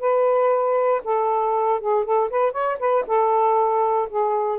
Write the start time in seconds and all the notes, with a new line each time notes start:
0.00 B4
1.04 A4
1.81 G#4
2.05 A4
2.30 B4
2.52 C#5
2.79 B4
3.07 A4
4.09 G#4